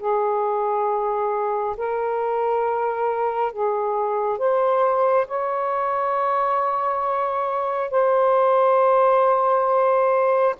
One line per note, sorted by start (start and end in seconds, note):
0.00 1.76 G#4
1.77 3.53 A#4
3.53 4.39 G#4
4.39 5.27 C5
5.28 7.91 C#5
7.91 10.56 C5